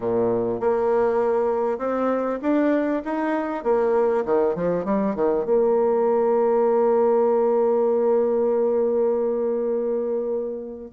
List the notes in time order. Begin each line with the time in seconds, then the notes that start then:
0.00 A#2
0.60 A#3
1.78 C4
2.42 D4
3.04 D#4
3.63 A#3
4.25 D#3
4.55 F3
4.85 G3
5.15 D#3
5.45 A#3